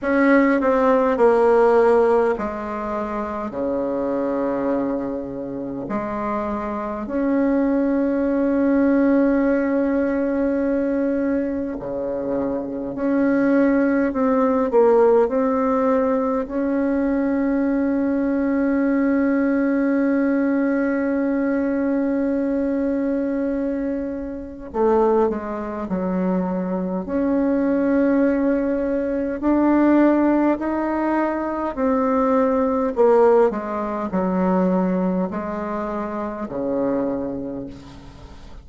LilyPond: \new Staff \with { instrumentName = "bassoon" } { \time 4/4 \tempo 4 = 51 cis'8 c'8 ais4 gis4 cis4~ | cis4 gis4 cis'2~ | cis'2 cis4 cis'4 | c'8 ais8 c'4 cis'2~ |
cis'1~ | cis'4 a8 gis8 fis4 cis'4~ | cis'4 d'4 dis'4 c'4 | ais8 gis8 fis4 gis4 cis4 | }